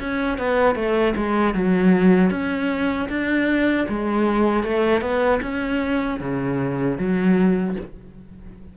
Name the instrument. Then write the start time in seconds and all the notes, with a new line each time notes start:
cello
0.00 C#4
0.38 B3
0.75 A3
1.16 G#3
1.54 F#3
2.31 C#4
3.09 D4
3.89 G#3
4.64 A3
5.01 B3
5.42 C#4
6.20 C#3
6.98 F#3